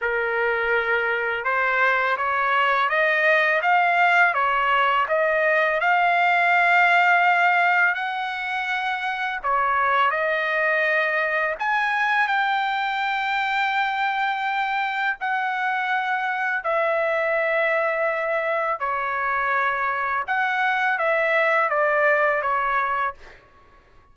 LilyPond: \new Staff \with { instrumentName = "trumpet" } { \time 4/4 \tempo 4 = 83 ais'2 c''4 cis''4 | dis''4 f''4 cis''4 dis''4 | f''2. fis''4~ | fis''4 cis''4 dis''2 |
gis''4 g''2.~ | g''4 fis''2 e''4~ | e''2 cis''2 | fis''4 e''4 d''4 cis''4 | }